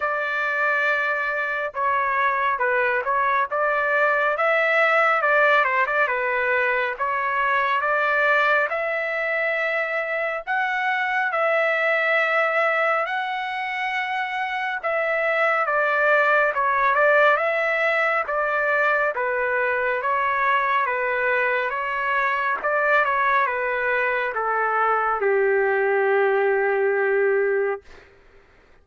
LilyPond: \new Staff \with { instrumentName = "trumpet" } { \time 4/4 \tempo 4 = 69 d''2 cis''4 b'8 cis''8 | d''4 e''4 d''8 c''16 d''16 b'4 | cis''4 d''4 e''2 | fis''4 e''2 fis''4~ |
fis''4 e''4 d''4 cis''8 d''8 | e''4 d''4 b'4 cis''4 | b'4 cis''4 d''8 cis''8 b'4 | a'4 g'2. | }